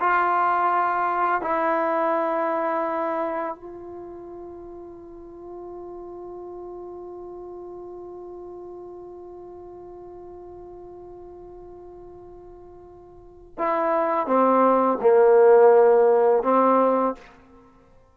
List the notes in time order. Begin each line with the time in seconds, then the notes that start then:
0.00 F4
1.42 E4
3.55 F4
13.58 E4
14.27 C4
15.02 A#3
16.44 C4